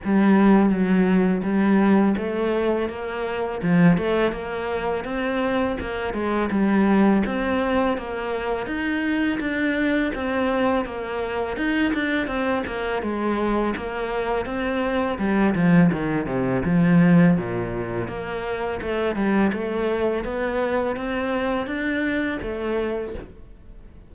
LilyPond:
\new Staff \with { instrumentName = "cello" } { \time 4/4 \tempo 4 = 83 g4 fis4 g4 a4 | ais4 f8 a8 ais4 c'4 | ais8 gis8 g4 c'4 ais4 | dis'4 d'4 c'4 ais4 |
dis'8 d'8 c'8 ais8 gis4 ais4 | c'4 g8 f8 dis8 c8 f4 | ais,4 ais4 a8 g8 a4 | b4 c'4 d'4 a4 | }